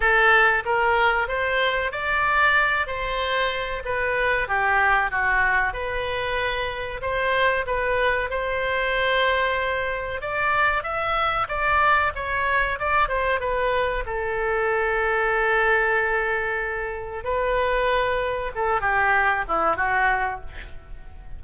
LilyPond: \new Staff \with { instrumentName = "oboe" } { \time 4/4 \tempo 4 = 94 a'4 ais'4 c''4 d''4~ | d''8 c''4. b'4 g'4 | fis'4 b'2 c''4 | b'4 c''2. |
d''4 e''4 d''4 cis''4 | d''8 c''8 b'4 a'2~ | a'2. b'4~ | b'4 a'8 g'4 e'8 fis'4 | }